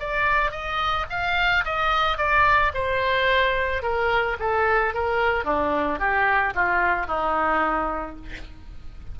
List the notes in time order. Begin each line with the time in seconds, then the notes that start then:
0.00 D5
0.52 D#5
1.10 F5
1.65 D#5
2.18 D5
2.74 C5
3.83 A#4
4.40 A4
4.94 A#4
5.45 D4
6.00 G4
6.55 F4
7.07 D#4